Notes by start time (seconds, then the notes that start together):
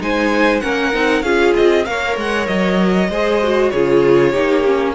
0.00 G#3 D#4 C5 G#5
0.61 A#3 C#4 A#4 F#5
0.93 C4 D#4
1.23 C#4 F4 G#4 F5
1.56 C4 D#5
1.86 A#3 A#4 C#5 F5
2.17 G#3 F#5
2.47 F#3 D#5
3.09 G#3 G#4 C5
3.44 F#4
3.70 C#3 F4 G#4 C#5
4.32 A#3 D#4 G4
4.66 C#4